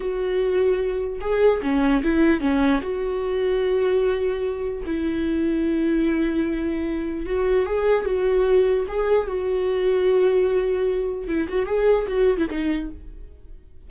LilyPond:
\new Staff \with { instrumentName = "viola" } { \time 4/4 \tempo 4 = 149 fis'2. gis'4 | cis'4 e'4 cis'4 fis'4~ | fis'1 | e'1~ |
e'2 fis'4 gis'4 | fis'2 gis'4 fis'4~ | fis'1 | e'8 fis'8 gis'4 fis'8. e'16 dis'4 | }